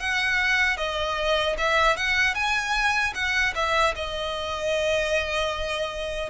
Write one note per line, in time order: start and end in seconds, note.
0.00 0.77 F#5
0.77 1.56 D#5
1.58 1.97 E5
1.97 2.34 F#5
2.34 3.13 G#5
3.14 3.54 F#5
3.55 3.94 E5
3.95 6.30 D#5